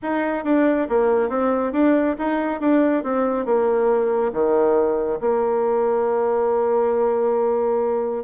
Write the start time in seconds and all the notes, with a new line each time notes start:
0.02 D#4
0.44 D4
0.89 A#3
1.29 C4
1.72 D4
2.18 D#4
2.60 D4
3.03 C4
3.45 A#3
4.32 D#3
5.20 A#3